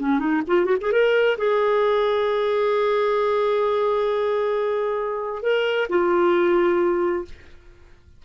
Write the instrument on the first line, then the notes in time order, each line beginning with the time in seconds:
clarinet
0.00 C#4
0.20 D#4
0.48 F4
0.66 F#4
0.81 G#4
0.92 A#4
1.38 G#4
5.43 A#4
5.90 F4